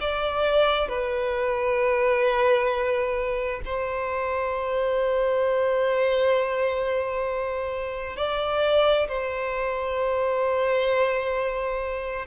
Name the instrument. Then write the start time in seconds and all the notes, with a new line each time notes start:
violin
0.00 D5
0.88 B4
3.65 C5
8.16 D5
9.07 C5